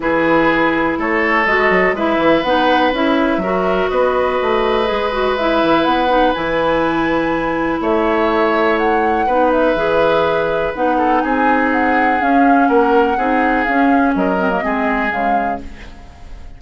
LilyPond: <<
  \new Staff \with { instrumentName = "flute" } { \time 4/4 \tempo 4 = 123 b'2 cis''4 dis''4 | e''4 fis''4 e''2 | dis''2. e''4 | fis''4 gis''2. |
e''2 fis''4. e''8~ | e''2 fis''4 gis''4 | fis''4 f''4 fis''2 | f''4 dis''2 f''4 | }
  \new Staff \with { instrumentName = "oboe" } { \time 4/4 gis'2 a'2 | b'2. ais'4 | b'1~ | b'1 |
cis''2. b'4~ | b'2~ b'8 a'8 gis'4~ | gis'2 ais'4 gis'4~ | gis'4 ais'4 gis'2 | }
  \new Staff \with { instrumentName = "clarinet" } { \time 4/4 e'2. fis'4 | e'4 dis'4 e'4 fis'4~ | fis'2 gis'8 fis'8 e'4~ | e'8 dis'8 e'2.~ |
e'2. dis'4 | gis'2 dis'2~ | dis'4 cis'2 dis'4 | cis'4. c'16 ais16 c'4 gis4 | }
  \new Staff \with { instrumentName = "bassoon" } { \time 4/4 e2 a4 gis8 fis8 | gis8 e8 b4 cis'4 fis4 | b4 a4 gis4. e8 | b4 e2. |
a2. b4 | e2 b4 c'4~ | c'4 cis'4 ais4 c'4 | cis'4 fis4 gis4 cis4 | }
>>